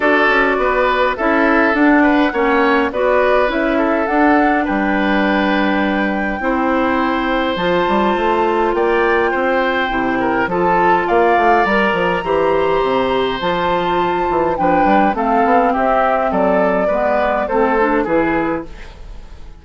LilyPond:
<<
  \new Staff \with { instrumentName = "flute" } { \time 4/4 \tempo 4 = 103 d''2 e''4 fis''4~ | fis''4 d''4 e''4 fis''4 | g''1~ | g''4 a''2 g''4~ |
g''2 a''4 f''4 | ais''2. a''4~ | a''4 g''4 f''4 e''4 | d''2 c''4 b'4 | }
  \new Staff \with { instrumentName = "oboe" } { \time 4/4 a'4 b'4 a'4. b'8 | cis''4 b'4. a'4. | b'2. c''4~ | c''2. d''4 |
c''4. ais'8 a'4 d''4~ | d''4 c''2.~ | c''4 b'4 a'4 g'4 | a'4 b'4 a'4 gis'4 | }
  \new Staff \with { instrumentName = "clarinet" } { \time 4/4 fis'2 e'4 d'4 | cis'4 fis'4 e'4 d'4~ | d'2. e'4~ | e'4 f'2.~ |
f'4 e'4 f'2 | ais'4 g'2 f'4~ | f'4 d'4 c'2~ | c'4 b4 c'8 d'8 e'4 | }
  \new Staff \with { instrumentName = "bassoon" } { \time 4/4 d'8 cis'8 b4 cis'4 d'4 | ais4 b4 cis'4 d'4 | g2. c'4~ | c'4 f8 g8 a4 ais4 |
c'4 c4 f4 ais8 a8 | g8 f8 e4 c4 f4~ | f8 e8 f8 g8 a8 b8 c'4 | fis4 gis4 a4 e4 | }
>>